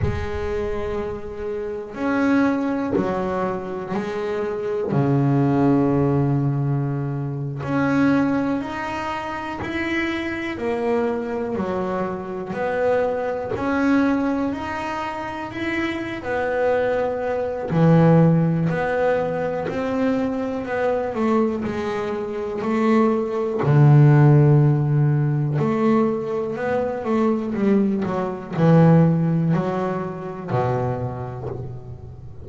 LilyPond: \new Staff \with { instrumentName = "double bass" } { \time 4/4 \tempo 4 = 61 gis2 cis'4 fis4 | gis4 cis2~ cis8. cis'16~ | cis'8. dis'4 e'4 ais4 fis16~ | fis8. b4 cis'4 dis'4 e'16~ |
e'8 b4. e4 b4 | c'4 b8 a8 gis4 a4 | d2 a4 b8 a8 | g8 fis8 e4 fis4 b,4 | }